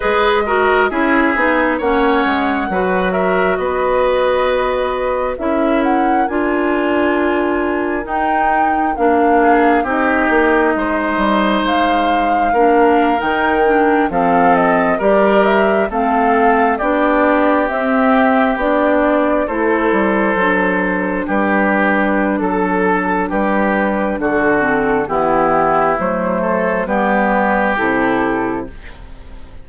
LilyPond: <<
  \new Staff \with { instrumentName = "flute" } { \time 4/4 \tempo 4 = 67 dis''4 e''4 fis''4. e''8 | dis''2 e''8 fis''8 gis''4~ | gis''4 g''4 f''4 dis''4~ | dis''4 f''4.~ f''16 g''4 f''16~ |
f''16 dis''8 d''8 e''8 f''4 d''4 e''16~ | e''8. d''4 c''2 b'16~ | b'4 a'4 b'4 a'4 | g'4 c''4 b'4 a'4 | }
  \new Staff \with { instrumentName = "oboe" } { \time 4/4 b'8 ais'8 gis'4 cis''4 b'8 ais'8 | b'2 ais'2~ | ais'2~ ais'8 gis'8 g'4 | c''2 ais'4.~ ais'16 a'16~ |
a'8. ais'4 a'4 g'4~ g'16~ | g'4.~ g'16 a'2 g'16~ | g'4 a'4 g'4 fis'4 | e'4. a'8 g'2 | }
  \new Staff \with { instrumentName = "clarinet" } { \time 4/4 gis'8 fis'8 e'8 dis'8 cis'4 fis'4~ | fis'2 e'4 f'4~ | f'4 dis'4 d'4 dis'4~ | dis'2 d'8. dis'8 d'8 c'16~ |
c'8. g'4 c'4 d'4 c'16~ | c'8. d'4 e'4 d'4~ d'16~ | d'2.~ d'8 c'8 | b4 a4 b4 e'4 | }
  \new Staff \with { instrumentName = "bassoon" } { \time 4/4 gis4 cis'8 b8 ais8 gis8 fis4 | b2 cis'4 d'4~ | d'4 dis'4 ais4 c'8 ais8 | gis8 g8 gis4 ais8. dis4 f16~ |
f8. g4 a4 b4 c'16~ | c'8. b4 a8 g8 fis4 g16~ | g4 fis4 g4 d4 | e4 fis4 g4 c4 | }
>>